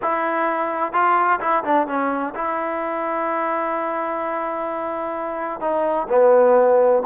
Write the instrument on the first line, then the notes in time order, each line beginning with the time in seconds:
trombone
0.02 E4
0.92 F4
1.40 E4
1.63 D4
1.87 C#4
2.34 E4
5.60 D#4
6.09 B3